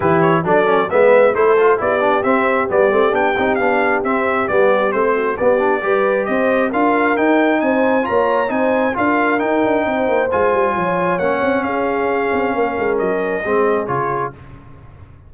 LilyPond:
<<
  \new Staff \with { instrumentName = "trumpet" } { \time 4/4 \tempo 4 = 134 b'8 cis''8 d''4 e''4 c''4 | d''4 e''4 d''4 g''4 | f''4 e''4 d''4 c''4 | d''2 dis''4 f''4 |
g''4 gis''4 ais''4 gis''4 | f''4 g''2 gis''4~ | gis''4 fis''4 f''2~ | f''4 dis''2 cis''4 | }
  \new Staff \with { instrumentName = "horn" } { \time 4/4 g'4 a'4 b'4 a'4 | g'1~ | g'2.~ g'8 fis'8 | g'4 b'4 c''4 ais'4~ |
ais'4 c''4 cis''4 c''4 | ais'2 c''2 | cis''2 gis'2 | ais'2 gis'2 | }
  \new Staff \with { instrumentName = "trombone" } { \time 4/4 e'4 d'8 cis'8 b4 e'8 f'8 | e'8 d'8 c'4 b8 c'8 d'8 dis'8 | d'4 c'4 b4 c'4 | b8 d'8 g'2 f'4 |
dis'2 f'4 dis'4 | f'4 dis'2 f'4~ | f'4 cis'2.~ | cis'2 c'4 f'4 | }
  \new Staff \with { instrumentName = "tuba" } { \time 4/4 e4 fis4 gis4 a4 | b4 c'4 g8 a8 b8 c'8 | b4 c'4 g4 a4 | b4 g4 c'4 d'4 |
dis'4 c'4 ais4 c'4 | d'4 dis'8 d'8 c'8 ais8 gis8 g8 | f4 ais8 c'8 cis'4. c'8 | ais8 gis8 fis4 gis4 cis4 | }
>>